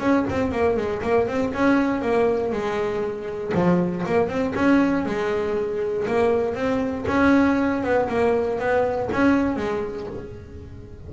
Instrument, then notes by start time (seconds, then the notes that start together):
double bass
0.00 C#4
0.29 C4
0.52 A#3
0.77 G#3
1.02 A#3
1.28 C4
1.54 C#4
2.02 A#3
2.52 G#3
3.54 F3
4.06 A#3
4.28 C4
4.55 C#4
5.06 G#3
6.07 A#3
6.55 C4
7.08 C#4
7.83 B3
8.09 A#3
8.59 B3
9.12 C#4
9.56 G#3